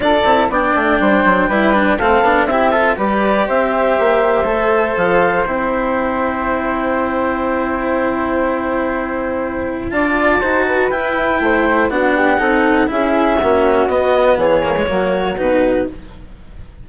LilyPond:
<<
  \new Staff \with { instrumentName = "clarinet" } { \time 4/4 \tempo 4 = 121 d''4 g''2. | f''4 e''4 d''4 e''4~ | e''2 f''4 g''4~ | g''1~ |
g''1 | a''2 g''2 | fis''2 e''2 | dis''4 cis''2 b'4 | }
  \new Staff \with { instrumentName = "flute" } { \time 4/4 a'4 d''4 c''4 b'4 | a'4 g'8 a'8 b'4 c''4~ | c''1~ | c''1~ |
c''1 | d''4 c''8 b'4. c''4 | fis'8 g'8 a'4 gis'4 fis'4~ | fis'4 gis'4 fis'2 | }
  \new Staff \with { instrumentName = "cello" } { \time 4/4 f'8 e'8 d'2 e'8 d'8 | c'8 d'8 e'8 f'8 g'2~ | g'4 a'2 e'4~ | e'1~ |
e'1 | f'4 fis'4 e'2 | d'4 dis'4 e'4 cis'4 | b4. ais16 gis16 ais4 dis'4 | }
  \new Staff \with { instrumentName = "bassoon" } { \time 4/4 d'8 c'8 b8 a8 g8 fis8 g4 | a8 b8 c'4 g4 c'4 | ais4 a4 f4 c'4~ | c'1~ |
c'1 | d'4 dis'4 e'4 a4 | b4 c'4 cis'4 ais4 | b4 e4 fis4 b,4 | }
>>